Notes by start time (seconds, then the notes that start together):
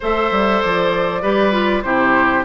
0.00 A3 A4 C5 E5
0.31 G3
0.62 F3 D5
1.22 G3 G4 B4
1.51 F4
1.82 C3 E4 G4 C5